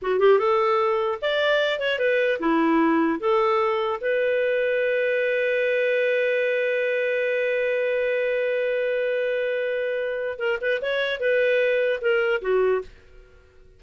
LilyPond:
\new Staff \with { instrumentName = "clarinet" } { \time 4/4 \tempo 4 = 150 fis'8 g'8 a'2 d''4~ | d''8 cis''8 b'4 e'2 | a'2 b'2~ | b'1~ |
b'1~ | b'1~ | b'2 ais'8 b'8 cis''4 | b'2 ais'4 fis'4 | }